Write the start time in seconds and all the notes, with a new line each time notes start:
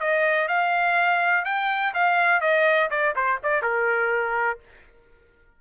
0.00 D#5
0.48 F5
1.45 G5
1.94 F5
2.41 D#5
2.90 D5
3.16 C5
3.43 D5
3.62 A#4